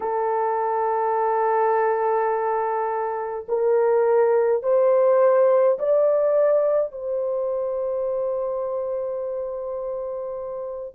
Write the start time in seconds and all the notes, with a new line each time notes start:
0.00 A4
3.48 A#4
4.63 C5
5.78 D5
6.92 C5